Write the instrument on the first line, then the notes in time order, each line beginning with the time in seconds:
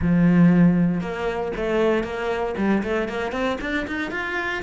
cello
0.01 F3
1.00 A#3
1.56 A3
2.03 A#3
2.57 G3
2.83 A3
3.08 A#3
3.31 C4
3.60 D4
3.87 D#4
4.11 F4